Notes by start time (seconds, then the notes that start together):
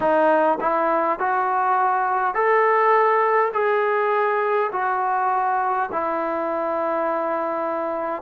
0.00 D#4
0.60 E4
1.19 F#4
2.34 A4
3.53 G#4
4.72 F#4
5.91 E4